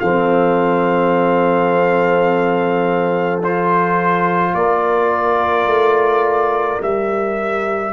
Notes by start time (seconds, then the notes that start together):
0.00 F3 C4 A4 F5
3.43 F4 C5
4.54 A#3 A#4 D5
5.67 A3
6.80 G3 G4 E5